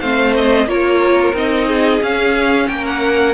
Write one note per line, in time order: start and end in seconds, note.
0.00 0.66 A3
0.00 0.67 C4
0.00 0.67 C5
0.00 0.33 F5
0.36 0.68 D#5
0.66 1.32 A#3
0.66 1.33 F4
0.66 1.67 A#4
0.66 1.35 C#5
1.33 1.99 C4
1.33 2.01 D#4
1.33 2.02 D#5
1.67 2.67 G#4
2.01 3.34 C#4
2.01 2.68 C#4
2.01 2.67 F5
2.67 3.34 A#3
2.67 3.34 A#4
2.67 2.84 G5
2.86 3.34 F#5